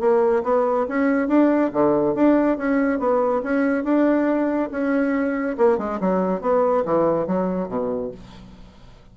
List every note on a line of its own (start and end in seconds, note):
0.00 0.43 A#3
0.44 0.86 B3
0.88 1.28 C#4
1.28 1.71 D4
1.73 2.15 D3
2.15 2.58 D4
2.58 2.99 C#4
2.99 3.42 B3
3.43 3.85 C#4
3.85 4.70 D4
4.71 5.57 C#4
5.58 5.78 A#3
5.78 6.00 G#3
6.01 6.41 F#3
6.41 6.84 B3
6.86 7.27 E3
7.27 7.69 F#3
7.69 8.11 B2